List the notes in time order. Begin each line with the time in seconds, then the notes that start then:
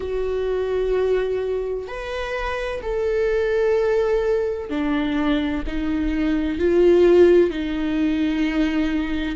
0.00 F#4
1.87 B4
2.82 A4
4.69 D4
5.66 D#4
6.58 F4
7.50 D#4